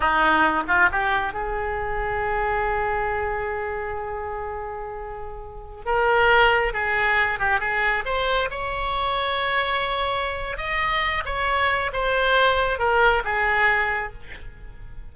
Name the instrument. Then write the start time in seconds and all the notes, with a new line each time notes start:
oboe
0.00 D#4
0.67 F4
0.91 G4
1.33 G#4
5.85 A#4
6.73 G#4
7.39 G4
7.59 G#4
8.05 C5
8.50 C#5
10.57 D#5
11.25 C#5
11.92 C5
12.78 A#4
13.24 G#4